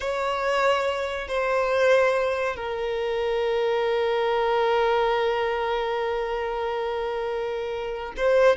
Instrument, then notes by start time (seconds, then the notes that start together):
violin
0.00 C#5
1.28 C5
2.56 A#4
8.16 C5